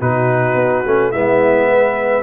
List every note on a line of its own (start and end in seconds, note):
0.00 0.55 B2
0.00 0.85 D#4
0.00 1.11 F#4
0.00 1.12 B4
0.55 0.83 B3
0.85 1.14 A3
0.85 1.13 C#4
1.11 2.23 G#3
1.11 2.23 B3
1.11 1.67 E4
1.11 2.23 E5
1.67 2.23 B4